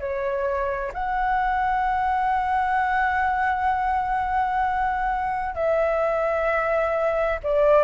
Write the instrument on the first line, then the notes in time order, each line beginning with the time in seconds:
flute
0.00 C#5
0.94 F#5
5.55 E5
7.43 D5